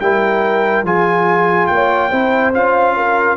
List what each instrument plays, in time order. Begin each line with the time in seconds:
0.00 tuba G3, trombone E4, horn A#4, trumpet G5
0.83 tuba F3, trombone F4, horn G#4, trumpet G#5
1.67 tuba A#3, trumpet G5
1.74 horn C#5
2.10 tuba C4, trombone E4, horn C5
2.54 tuba C#4, trombone F4, trumpet F5
2.97 horn A#4